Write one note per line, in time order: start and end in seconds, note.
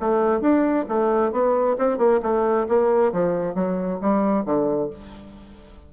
0.00 0.41 A3
0.41 0.85 D4
0.88 1.32 A3
1.32 1.77 B3
1.78 1.98 C4
1.98 2.20 A#3
2.22 2.67 A3
2.68 3.13 A#3
3.13 3.55 F3
3.55 4.00 F#3
4.01 4.45 G3
4.45 4.90 D3